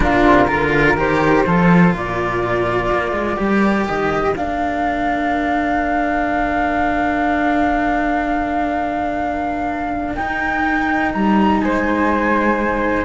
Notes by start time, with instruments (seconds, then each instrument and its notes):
0.00 cello A#2 D4, flute F4 A#4
0.25 cello C3
0.47 cello D3 F4, flute A#4
0.95 cello D#3 G4, flute C5
1.46 cello F3 F4, flute A4
1.93 cello A#2, flute A#4 D5
2.91 cello A#3
3.12 cello G#3
3.36 cello G3 G4
3.86 cello D#3, flute D#5
4.36 cello A#3 D4, flute F5
10.15 cello D#4, flute G5
11.12 cello G3, flute A#5
11.61 cello G#3, flute C5 G#5